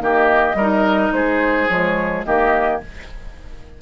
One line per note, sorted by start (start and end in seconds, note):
0.00 0.54 D#3
0.00 0.56 A#3
0.00 0.57 G4
0.00 1.13 D#5
0.54 1.10 G3
0.54 1.69 D#4
0.54 1.12 A#4
1.12 1.68 G#3
1.12 2.26 G#4
1.12 1.68 C5
1.68 2.25 F3
1.68 2.24 G#3
1.68 2.24 C#5
2.24 2.81 D#3
2.24 2.81 A#3
2.24 2.82 G4
2.24 2.80 D#5